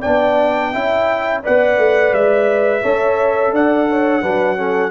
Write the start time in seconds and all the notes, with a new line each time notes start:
0.00 D4 D5 G5
0.06 B3
0.72 C#4 E4 E5
1.43 B3 B4 D5 F#5
1.78 A3
2.13 G#3 E5
2.82 C#4 A4 C#5
3.52 D4 D5 F#5
3.89 C#5
4.22 F#3 D4 B4
4.57 C#4 A4